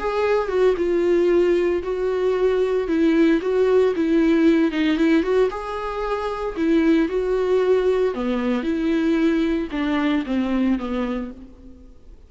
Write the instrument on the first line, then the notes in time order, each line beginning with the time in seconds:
viola
0.00 G#4
0.49 F#4
0.78 F4
1.83 F#4
2.88 E4
3.42 F#4
3.96 E4
4.72 D#4
4.98 E4
5.23 F#4
5.50 G#4
6.57 E4
7.09 F#4
8.15 B3
8.63 E4
9.72 D4
10.26 C4
10.79 B3